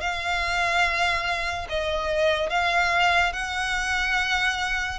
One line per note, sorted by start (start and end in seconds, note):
0.00 1.67 F5
1.69 2.49 D#5
2.49 3.33 F5
3.33 4.99 F#5